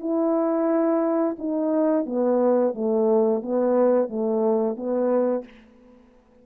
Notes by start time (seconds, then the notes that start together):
0.00 E4
1.39 D#4
2.06 B3
2.75 A3
3.43 B3
4.09 A3
4.76 B3